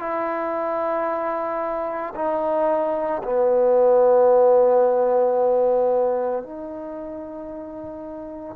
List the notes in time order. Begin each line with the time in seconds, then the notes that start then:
0.00 E4
2.15 D#4
3.24 B3
6.44 D#4